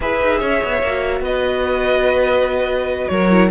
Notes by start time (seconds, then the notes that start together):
0.00 E4 G#4 B4 E5
0.21 D#4
0.39 C#4 C#5
0.63 B3
0.81 A#3 F#4
1.20 B3 B4 D#5
3.07 F#3 A#4 C#5
3.30 E4